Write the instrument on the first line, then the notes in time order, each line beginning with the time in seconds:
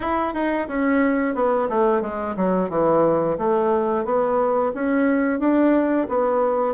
bassoon
0.00 E4
0.34 D#4
0.67 C#4
1.34 B3
1.69 A3
2.01 G#3
2.36 F#3
2.69 E3
3.38 A3
4.04 B3
4.74 C#4
5.39 D4
6.08 B3